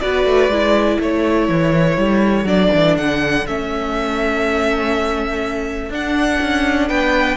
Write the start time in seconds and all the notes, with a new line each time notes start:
0.00 B3 F#4 B4 D5
0.25 A3
0.48 G#3 E4
0.99 A3 A4 C#5
1.48 E3
1.97 G3
2.44 F#3 D4 D5
2.74 E3
2.97 D3 F#5
3.46 A3 C#4 E5
5.89 D4 F#5
6.41 C#4
6.88 B3 B4 G5